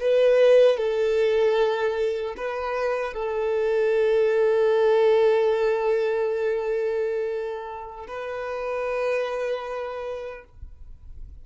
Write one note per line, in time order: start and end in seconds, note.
0.00 0.78 B4
0.78 2.35 A4
2.37 3.14 B4
3.14 8.07 A4
8.08 10.45 B4